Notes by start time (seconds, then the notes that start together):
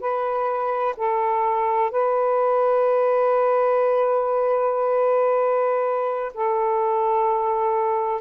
0.00 B4
0.97 A4
1.90 B4
6.34 A4